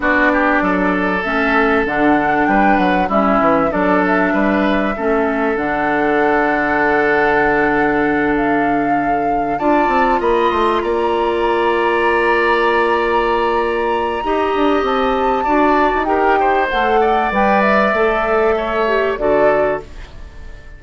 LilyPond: <<
  \new Staff \with { instrumentName = "flute" } { \time 4/4 \tempo 4 = 97 d''2 e''4 fis''4 | g''8 fis''8 e''4 d''8 e''4.~ | e''4 fis''2.~ | fis''4. f''2 a''8~ |
a''8 b''8 c'''8 ais''2~ ais''8~ | ais''1 | a''2 g''4 fis''4 | g''8 e''2~ e''8 d''4 | }
  \new Staff \with { instrumentName = "oboe" } { \time 4/4 fis'8 g'8 a'2. | b'4 e'4 a'4 b'4 | a'1~ | a'2.~ a'8 d''8~ |
d''8 dis''4 d''2~ d''8~ | d''2. dis''4~ | dis''4 d''4 ais'8 c''4 d''8~ | d''2 cis''4 a'4 | }
  \new Staff \with { instrumentName = "clarinet" } { \time 4/4 d'2 cis'4 d'4~ | d'4 cis'4 d'2 | cis'4 d'2.~ | d'2.~ d'8 f'8~ |
f'1~ | f'2. g'4~ | g'4 fis'4 g'4 a'4 | b'4 a'4. g'8 fis'4 | }
  \new Staff \with { instrumentName = "bassoon" } { \time 4/4 b4 fis4 a4 d4 | g8 fis8 g8 e8 fis4 g4 | a4 d2.~ | d2.~ d8 d'8 |
c'8 ais8 a8 ais2~ ais8~ | ais2. dis'8 d'8 | c'4 d'8. dis'4~ dis'16 a4 | g4 a2 d4 | }
>>